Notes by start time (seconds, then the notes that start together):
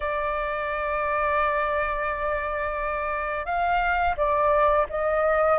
0.00 D5
3.45 F5
4.16 D5
4.89 D#5